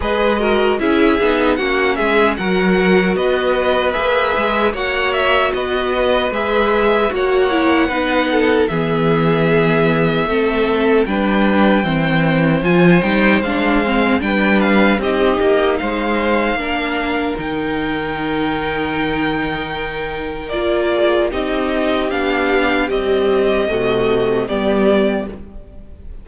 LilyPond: <<
  \new Staff \with { instrumentName = "violin" } { \time 4/4 \tempo 4 = 76 dis''4 e''4 fis''8 e''8 fis''4 | dis''4 e''4 fis''8 e''8 dis''4 | e''4 fis''2 e''4~ | e''2 g''2 |
gis''8 g''8 f''4 g''8 f''8 dis''4 | f''2 g''2~ | g''2 d''4 dis''4 | f''4 dis''2 d''4 | }
  \new Staff \with { instrumentName = "violin" } { \time 4/4 b'8 ais'8 gis'4 fis'8 gis'8 ais'4 | b'2 cis''4 b'4~ | b'4 cis''4 b'8 a'8 gis'4~ | gis'4 a'4 b'4 c''4~ |
c''2 b'4 g'4 | c''4 ais'2.~ | ais'2~ ais'8 gis'8 g'4~ | g'2 fis'4 g'4 | }
  \new Staff \with { instrumentName = "viola" } { \time 4/4 gis'8 fis'8 e'8 dis'8 cis'4 fis'4~ | fis'4 gis'4 fis'2 | gis'4 fis'8 e'8 dis'4 b4~ | b4 c'4 d'4 c'4 |
f'8 dis'8 d'8 c'8 d'4 dis'4~ | dis'4 d'4 dis'2~ | dis'2 f'4 dis'4 | d'4 g4 a4 b4 | }
  \new Staff \with { instrumentName = "cello" } { \time 4/4 gis4 cis'8 b8 ais8 gis8 fis4 | b4 ais8 gis8 ais4 b4 | gis4 ais4 b4 e4~ | e4 a4 g4 e4 |
f8 g8 gis4 g4 c'8 ais8 | gis4 ais4 dis2~ | dis2 ais4 c'4 | b4 c'4 c4 g4 | }
>>